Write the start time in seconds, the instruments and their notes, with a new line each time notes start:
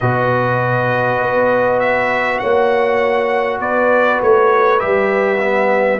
0.00 tuba B2, trombone F#4, horn B4, trumpet D#5
1.21 tuba B3
1.79 trumpet E5
2.39 tuba A#3, horn C#5, trumpet F#5
3.59 tuba B3, horn B4, trumpet D5
4.22 tuba A3, trumpet C#5
4.79 tuba G3, trombone G4, trumpet E5
5.38 trombone B3